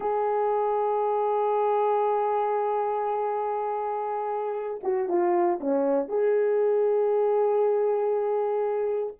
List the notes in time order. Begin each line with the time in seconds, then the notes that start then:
0.00 G#4
4.83 F#4
5.08 F4
5.60 C#4
6.08 G#4